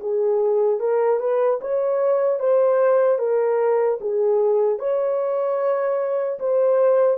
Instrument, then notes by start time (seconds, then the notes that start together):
horn
0.00 G#4
0.80 A#4
1.20 B4
1.61 C#5
2.39 C5
3.19 A#4
4.00 G#4
4.79 C#5
6.39 C5